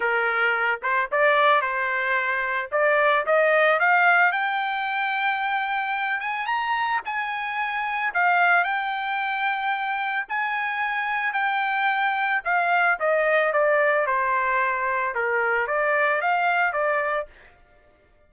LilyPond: \new Staff \with { instrumentName = "trumpet" } { \time 4/4 \tempo 4 = 111 ais'4. c''8 d''4 c''4~ | c''4 d''4 dis''4 f''4 | g''2.~ g''8 gis''8 | ais''4 gis''2 f''4 |
g''2. gis''4~ | gis''4 g''2 f''4 | dis''4 d''4 c''2 | ais'4 d''4 f''4 d''4 | }